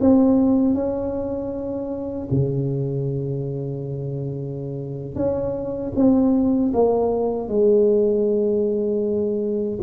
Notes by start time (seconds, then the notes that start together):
0.00 C4
0.74 C#4
2.31 C#3
5.15 C#4
5.95 C4
6.73 A#3
7.48 G#3